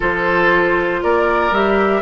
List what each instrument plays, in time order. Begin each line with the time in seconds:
0.00 bassoon F3, clarinet F4, oboe A4, flute C5
1.03 bassoon A#3, oboe A#4, flute D5
1.50 bassoon G3, clarinet G4, flute E5